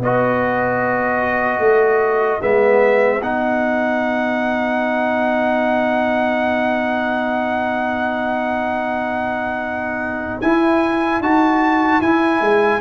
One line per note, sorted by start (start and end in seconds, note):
0.00 1.59 B3
0.00 2.41 F#4
0.00 12.81 B4
0.00 2.42 D#5
1.59 2.39 A3
2.41 3.21 G#3
2.41 3.21 B3
2.41 3.22 E5
3.21 10.41 B3
3.21 10.43 D#4
3.21 10.41 F#5
10.41 11.20 E4
10.41 11.23 E4
10.41 11.21 G#5
11.20 12.00 D#4
11.20 12.03 F#4
11.20 12.01 A5
12.01 12.41 E4
12.01 12.81 E4
12.01 12.81 G#5
12.41 12.81 G#3